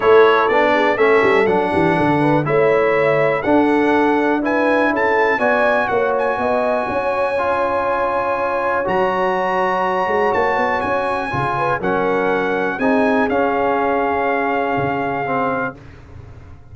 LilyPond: <<
  \new Staff \with { instrumentName = "trumpet" } { \time 4/4 \tempo 4 = 122 cis''4 d''4 e''4 fis''4~ | fis''4 e''2 fis''4~ | fis''4 gis''4 a''4 gis''4 | fis''8 gis''2.~ gis''8~ |
gis''2 ais''2~ | ais''4 a''4 gis''2 | fis''2 gis''4 f''4~ | f''1 | }
  \new Staff \with { instrumentName = "horn" } { \time 4/4 a'4. gis'8 a'4. g'8 | a'8 b'8 cis''2 a'4~ | a'4 b'4 a'4 d''4 | cis''4 dis''4 cis''2~ |
cis''1~ | cis''2.~ cis''8 b'8 | ais'2 gis'2~ | gis'1 | }
  \new Staff \with { instrumentName = "trombone" } { \time 4/4 e'4 d'4 cis'4 d'4~ | d'4 e'2 d'4~ | d'4 e'2 fis'4~ | fis'2. f'4~ |
f'2 fis'2~ | fis'2. f'4 | cis'2 dis'4 cis'4~ | cis'2. c'4 | }
  \new Staff \with { instrumentName = "tuba" } { \time 4/4 a4 b4 a8 g8 fis8 e8 | d4 a2 d'4~ | d'2 cis'4 b4 | ais4 b4 cis'2~ |
cis'2 fis2~ | fis8 gis8 ais8 b8 cis'4 cis4 | fis2 c'4 cis'4~ | cis'2 cis2 | }
>>